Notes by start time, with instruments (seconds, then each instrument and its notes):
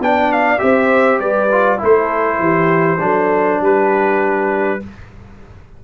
0.00 tuba B3, trombone D4, horn D5, trumpet G5
0.33 trumpet F5
0.58 tuba C4, trombone G4, horn C5, trumpet E5
1.20 tuba G3, horn B4, trumpet D5
1.52 trombone F4
1.78 tuba A3, trombone E4, horn A4, trumpet C5
2.40 tuba E3, horn G4
3.00 tuba F#3, trombone D4, horn A4
3.61 tuba G3, horn G4, trumpet B4